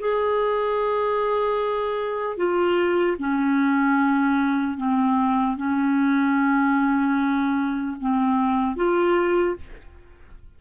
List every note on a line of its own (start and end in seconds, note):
0.00 2.37 G#4
2.37 3.17 F4
3.19 4.77 C#4
4.77 5.57 C4
5.57 7.97 C#4
8.01 8.76 C4
8.76 9.56 F4